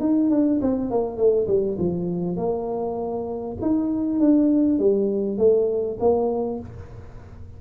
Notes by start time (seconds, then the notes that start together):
0.00 D#4
0.30 D4
0.61 C4
0.91 A#3
1.17 A3
1.48 G3
1.79 F3
2.37 A#3
3.61 D#4
4.20 D4
4.79 G3
5.38 A3
6.00 A#3